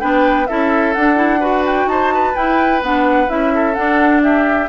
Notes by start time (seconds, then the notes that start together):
0.00 B3 D4 B4 G5
0.47 C#4 E4 A4 E5
0.94 D4 F#5
1.16 E4
1.40 F#4 B4
1.66 G5
1.86 D#4 C5 A5
2.15 B4
2.36 E4 G5
2.82 B3 D4 F#5
3.28 C#4 E4 E5
3.55 A4
3.74 D4 F#5
4.23 G4 E5